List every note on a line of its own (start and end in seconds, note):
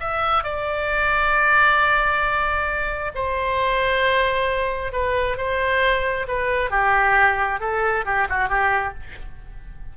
0.00 0.44 E5
0.44 3.12 D5
3.15 4.93 C5
4.93 5.37 B4
5.38 6.27 C5
6.28 6.71 B4
6.71 7.60 G4
7.60 8.05 A4
8.05 8.28 G4
8.29 8.49 F#4
8.49 8.94 G4